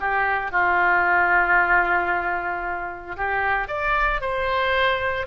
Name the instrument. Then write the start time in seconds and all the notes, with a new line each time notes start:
oboe
0.00 G4
0.51 F4
3.17 G4
3.68 D5
4.21 C5